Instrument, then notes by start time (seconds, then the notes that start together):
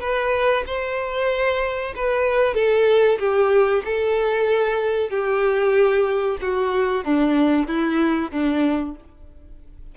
violin
0.00 B4
0.66 C5
1.95 B4
2.54 A4
3.19 G4
3.85 A4
5.10 G4
6.41 F#4
7.04 D4
7.67 E4
8.31 D4